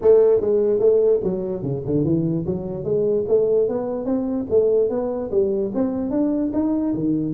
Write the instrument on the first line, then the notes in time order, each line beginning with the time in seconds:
tuba
0.01 A3
0.41 G#3
0.79 A3
1.23 F#3
1.62 C#3
1.86 D3
2.04 E3
2.45 F#3
2.83 G#3
3.28 A3
3.68 B3
4.05 C4
4.50 A3
4.89 B3
5.30 G3
5.74 C4
6.10 D4
6.53 D#4
6.94 D#3